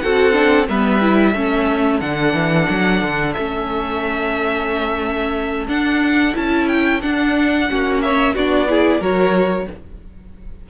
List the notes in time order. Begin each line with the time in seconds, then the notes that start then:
0.00 C4 F#4 A4 F#5
0.32 D4
0.68 G3 B3 B4 E5
1.02 E4
1.32 A3 C#4 A4
2.00 D3 D4 F#5
2.33 E3
2.69 F#3
3.02 D3
3.33 A3 C#4 E5
5.67 D4 F#5
6.34 C#4 E4 A5
6.68 G5
7.02 D4 F#5
7.69 A#3 C#4 F#4
8.02 C#5 E5
8.34 B3 D4 F#4 D5
8.68 E4 G#4
9.00 F#3 F#4 A#4 C#5